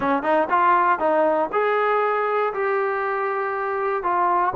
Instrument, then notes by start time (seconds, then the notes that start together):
trombone
0.00 C#4
0.22 D#4
0.49 F4
0.99 D#4
1.52 G#4
2.53 G4
4.03 F4